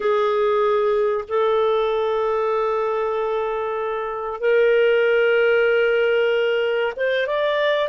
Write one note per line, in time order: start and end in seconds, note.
0.00 1.24 G#4
1.28 4.40 A4
4.40 6.93 A#4
6.96 7.26 C5
7.26 7.88 D5